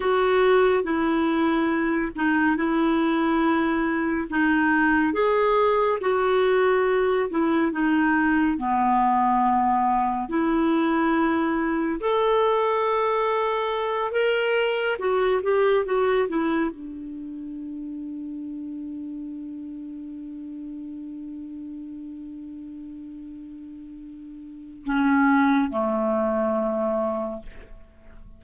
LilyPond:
\new Staff \with { instrumentName = "clarinet" } { \time 4/4 \tempo 4 = 70 fis'4 e'4. dis'8 e'4~ | e'4 dis'4 gis'4 fis'4~ | fis'8 e'8 dis'4 b2 | e'2 a'2~ |
a'8 ais'4 fis'8 g'8 fis'8 e'8 d'8~ | d'1~ | d'1~ | d'4 cis'4 a2 | }